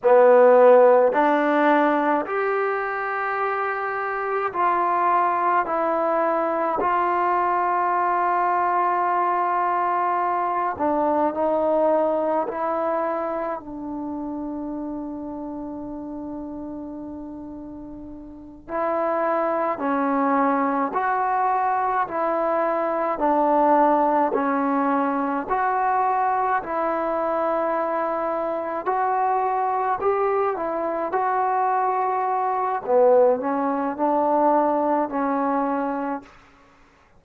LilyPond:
\new Staff \with { instrumentName = "trombone" } { \time 4/4 \tempo 4 = 53 b4 d'4 g'2 | f'4 e'4 f'2~ | f'4. d'8 dis'4 e'4 | d'1~ |
d'8 e'4 cis'4 fis'4 e'8~ | e'8 d'4 cis'4 fis'4 e'8~ | e'4. fis'4 g'8 e'8 fis'8~ | fis'4 b8 cis'8 d'4 cis'4 | }